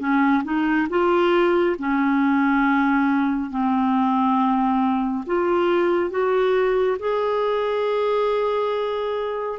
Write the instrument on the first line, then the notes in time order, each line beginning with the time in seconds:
clarinet
0.00 C#4
0.44 D#4
0.90 F4
1.79 C#4
3.51 C4
5.27 F4
6.11 F#4
7.00 G#4